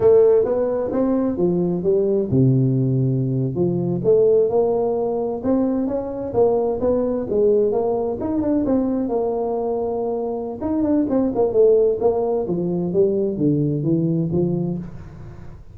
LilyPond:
\new Staff \with { instrumentName = "tuba" } { \time 4/4 \tempo 4 = 130 a4 b4 c'4 f4 | g4 c2~ c8. f16~ | f8. a4 ais2 c'16~ | c'8. cis'4 ais4 b4 gis16~ |
gis8. ais4 dis'8 d'8 c'4 ais16~ | ais2. dis'8 d'8 | c'8 ais8 a4 ais4 f4 | g4 d4 e4 f4 | }